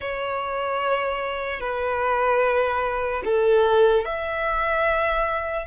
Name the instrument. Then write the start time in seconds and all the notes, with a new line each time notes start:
violin
0.00 C#5
1.60 B4
3.24 A4
4.05 E5